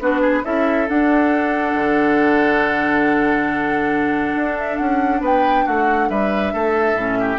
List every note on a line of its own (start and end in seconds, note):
0.00 0.43 B3
0.00 0.44 D4
0.00 0.21 F#4
0.00 0.45 B4
0.21 0.43 G#4
0.45 0.89 C#4
0.45 0.88 E4
0.45 5.22 A4
0.45 0.89 E5
0.89 6.98 D4
0.89 1.74 D4
0.89 4.59 F#5
1.74 4.35 D3
4.36 4.79 D4
4.59 4.78 E5
4.78 5.21 C#4
4.78 5.21 F#5
5.21 5.64 B3
5.21 5.65 B4
5.21 5.67 G5
5.65 6.10 A3
5.65 6.09 F#4
5.65 6.10 F#5
6.10 6.54 G3
6.10 6.54 B4
6.10 7.39 E5
6.54 6.94 A3
6.54 7.19 A4
6.94 7.37 A2
6.94 7.39 C#4
7.20 7.39 G4